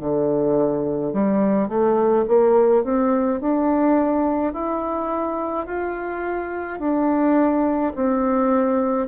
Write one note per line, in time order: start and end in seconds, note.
0.00 1.13 D3
1.14 1.69 G3
1.69 2.25 A3
2.28 2.84 A#3
2.84 3.41 C4
3.41 4.53 D4
4.53 5.67 E4
5.67 6.80 F4
6.80 7.93 D4
7.96 9.08 C4